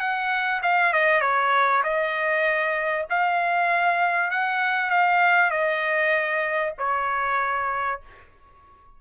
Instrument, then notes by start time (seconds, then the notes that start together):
trumpet
0.00 F#5
0.63 F5
0.93 D#5
1.21 C#5
1.84 D#5
3.10 F5
4.31 F#5
4.90 F5
5.51 D#5
6.78 C#5